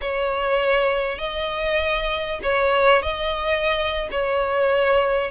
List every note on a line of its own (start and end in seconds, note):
0.01 1.18 C#5
1.18 2.39 D#5
2.42 3.02 C#5
3.02 4.08 D#5
4.11 5.31 C#5